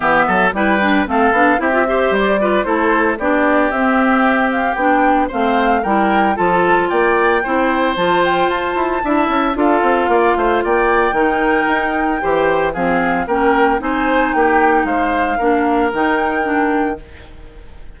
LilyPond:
<<
  \new Staff \with { instrumentName = "flute" } { \time 4/4 \tempo 4 = 113 e''4 g''4 f''4 e''4 | d''4 c''4 d''4 e''4~ | e''8 f''8 g''4 f''4 g''4 | a''4 g''2 a''8 g''8 |
a''2 f''2 | g''1 | f''4 g''4 gis''4 g''4 | f''2 g''2 | }
  \new Staff \with { instrumentName = "oboe" } { \time 4/4 g'8 a'8 b'4 a'4 g'8 c''8~ | c''8 b'8 a'4 g'2~ | g'2 c''4 ais'4 | a'4 d''4 c''2~ |
c''4 e''4 a'4 d''8 c''8 | d''4 ais'2 c''4 | gis'4 ais'4 c''4 g'4 | c''4 ais'2. | }
  \new Staff \with { instrumentName = "clarinet" } { \time 4/4 b4 e'8 d'8 c'8 d'8 e'16 f'16 g'8~ | g'8 f'8 e'4 d'4 c'4~ | c'4 d'4 c'4 e'4 | f'2 e'4 f'4~ |
f'4 e'4 f'2~ | f'4 dis'2 g'4 | c'4 cis'4 dis'2~ | dis'4 d'4 dis'4 d'4 | }
  \new Staff \with { instrumentName = "bassoon" } { \time 4/4 e8 fis8 g4 a8 b8 c'4 | g4 a4 b4 c'4~ | c'4 b4 a4 g4 | f4 ais4 c'4 f4 |
f'8 e'8 d'8 cis'8 d'8 c'8 ais8 a8 | ais4 dis4 dis'4 e4 | f4 ais4 c'4 ais4 | gis4 ais4 dis2 | }
>>